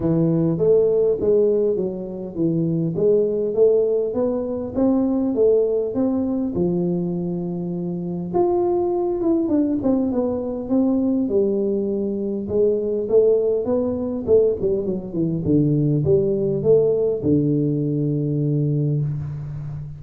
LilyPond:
\new Staff \with { instrumentName = "tuba" } { \time 4/4 \tempo 4 = 101 e4 a4 gis4 fis4 | e4 gis4 a4 b4 | c'4 a4 c'4 f4~ | f2 f'4. e'8 |
d'8 c'8 b4 c'4 g4~ | g4 gis4 a4 b4 | a8 g8 fis8 e8 d4 g4 | a4 d2. | }